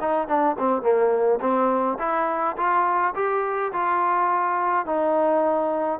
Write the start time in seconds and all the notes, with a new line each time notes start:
0.00 D#4
0.27 D4
0.58 C4
0.82 A#3
1.40 C4
1.99 E4
2.57 F4
3.15 G4
3.72 F4
4.85 D#4